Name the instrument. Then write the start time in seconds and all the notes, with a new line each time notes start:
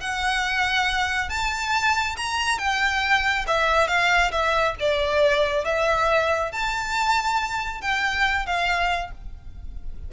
violin
0.00 F#5
1.29 A5
2.16 A#5
2.58 G5
3.47 E5
3.87 F5
4.31 E5
4.79 D5
5.64 E5
6.51 A5
7.81 G5
8.46 F5